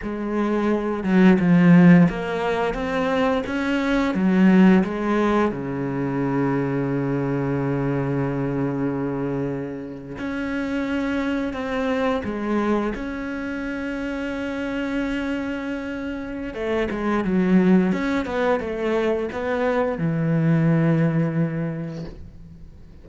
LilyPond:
\new Staff \with { instrumentName = "cello" } { \time 4/4 \tempo 4 = 87 gis4. fis8 f4 ais4 | c'4 cis'4 fis4 gis4 | cis1~ | cis2~ cis8. cis'4~ cis'16~ |
cis'8. c'4 gis4 cis'4~ cis'16~ | cis'1 | a8 gis8 fis4 cis'8 b8 a4 | b4 e2. | }